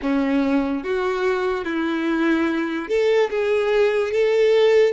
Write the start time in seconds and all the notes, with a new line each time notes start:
0.01 C#4
0.83 F#4
1.64 E4
2.88 A4
3.30 G#4
4.11 A4